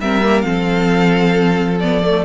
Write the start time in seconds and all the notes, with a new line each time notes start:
0.00 G3 C4 A#4 E5
0.23 A#3
0.41 F3 C4 A4 F5
1.80 B3 D5
2.03 A3